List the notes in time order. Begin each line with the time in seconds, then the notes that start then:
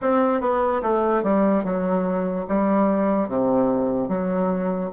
0.01 C4
0.40 B3
0.82 A3
1.23 G3
1.64 F#3
2.48 G3
3.28 C3
4.08 F#3